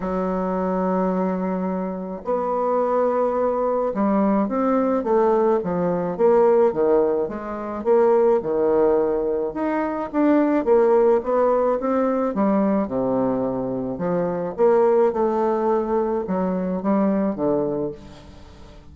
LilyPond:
\new Staff \with { instrumentName = "bassoon" } { \time 4/4 \tempo 4 = 107 fis1 | b2. g4 | c'4 a4 f4 ais4 | dis4 gis4 ais4 dis4~ |
dis4 dis'4 d'4 ais4 | b4 c'4 g4 c4~ | c4 f4 ais4 a4~ | a4 fis4 g4 d4 | }